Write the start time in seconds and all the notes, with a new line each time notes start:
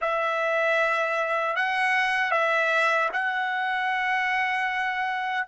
0.01 E5
1.55 F#5
2.31 E5
3.12 F#5